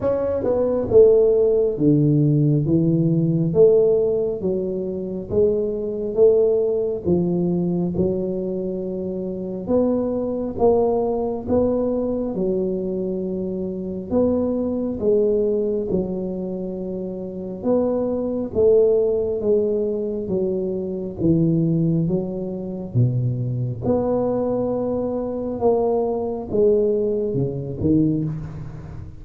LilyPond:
\new Staff \with { instrumentName = "tuba" } { \time 4/4 \tempo 4 = 68 cis'8 b8 a4 d4 e4 | a4 fis4 gis4 a4 | f4 fis2 b4 | ais4 b4 fis2 |
b4 gis4 fis2 | b4 a4 gis4 fis4 | e4 fis4 b,4 b4~ | b4 ais4 gis4 cis8 dis8 | }